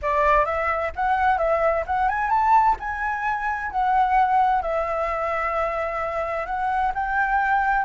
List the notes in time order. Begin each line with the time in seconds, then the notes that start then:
0.01 D5
0.45 E5
0.95 F#5
1.38 E5
1.86 F#5
2.08 G#5
2.30 A5
2.79 G#5
3.71 F#5
4.62 E5
6.46 F#5
6.94 G5